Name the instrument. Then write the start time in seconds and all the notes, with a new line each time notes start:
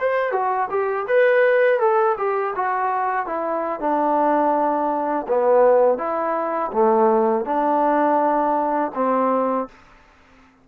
trombone
0.00 C5
0.32 F#4
0.70 G4
1.08 B4
1.80 A4
2.18 G4
2.56 F#4
3.26 E4
3.80 D4
5.28 B3
5.98 E4
6.73 A3
7.45 D4
8.95 C4